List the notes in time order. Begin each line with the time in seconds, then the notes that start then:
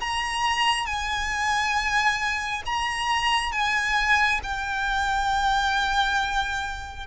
0.00 A#5
0.86 G#5
2.66 A#5
3.52 G#5
4.43 G5